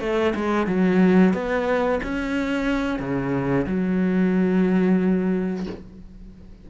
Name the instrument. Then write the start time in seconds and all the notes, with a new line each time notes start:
cello
0.00 A3
0.35 G#3
0.67 F#3
1.33 B3
2.03 C#4
2.99 C#3
3.66 F#3